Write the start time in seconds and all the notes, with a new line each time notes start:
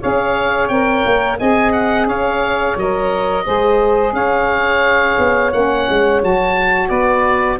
0.00 C#4 G#4 C#5 F5
0.68 C4 A#4 G5
1.05 A#3
1.39 C4 G#4 D#5 G#5
1.73 F#5
2.07 C#4 C#5 F5
2.77 F#3 A#4 D#5
3.44 G#3 G#4 C5
4.13 C#4 C#5 F5
5.19 B3
5.52 A#3 C#4 F#5
5.90 G#3
6.21 F#3 F#4 A5
6.88 B3 B4 D5